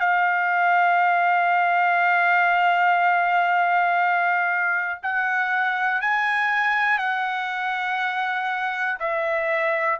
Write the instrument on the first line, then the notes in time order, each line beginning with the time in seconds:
trumpet
0.00 F5
5.02 F#5
6.01 G#5
6.98 F#5
8.99 E5